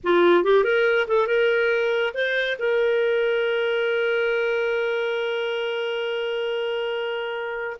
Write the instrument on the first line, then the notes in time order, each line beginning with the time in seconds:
clarinet
0.03 F4
0.44 G4
0.64 A#4
1.07 A4
1.27 A#4
2.14 C5
2.58 A#4